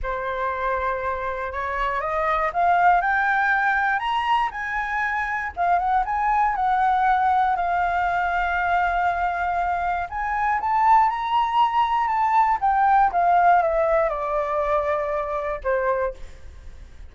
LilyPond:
\new Staff \with { instrumentName = "flute" } { \time 4/4 \tempo 4 = 119 c''2. cis''4 | dis''4 f''4 g''2 | ais''4 gis''2 f''8 fis''8 | gis''4 fis''2 f''4~ |
f''1 | gis''4 a''4 ais''2 | a''4 g''4 f''4 e''4 | d''2. c''4 | }